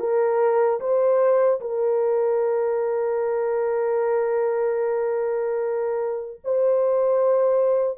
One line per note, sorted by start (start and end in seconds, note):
0.00 0.80 A#4
0.80 1.60 C5
1.60 6.40 A#4
6.44 7.98 C5